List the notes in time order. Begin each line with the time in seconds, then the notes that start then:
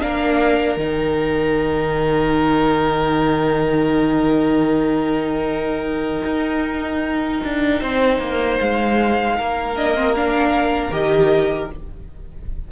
0.00 A#3 D4 A#4 F5
0.76 D#3 D#4 G5
6.24 D#4
7.43 D4
7.79 C4 C5
8.19 A#3
8.60 G#3 F5
9.37 A#3 A#4
9.75 D4 D#5
9.95 C4
10.15 D4 F5
10.90 D#3 G4 D#5